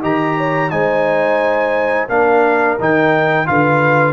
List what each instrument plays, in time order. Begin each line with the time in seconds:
0.00 tuba D#3, trombone G4, horn D#5, trumpet A#5
0.37 horn C#5
0.70 tuba G#3, trombone D#4, horn C5, trumpet G#5
2.09 tuba A#3, trombone D4, horn A#4, trumpet F5
2.79 tuba D#3, trombone D#4, trumpet G5
3.45 tuba D3, trombone F4, horn B4, trumpet F5